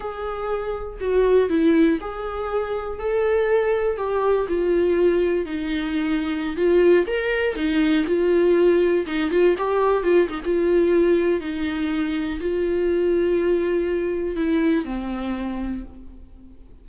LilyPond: \new Staff \with { instrumentName = "viola" } { \time 4/4 \tempo 4 = 121 gis'2 fis'4 e'4 | gis'2 a'2 | g'4 f'2 dis'4~ | dis'4~ dis'16 f'4 ais'4 dis'8.~ |
dis'16 f'2 dis'8 f'8 g'8.~ | g'16 f'8 dis'16 f'2 dis'4~ | dis'4 f'2.~ | f'4 e'4 c'2 | }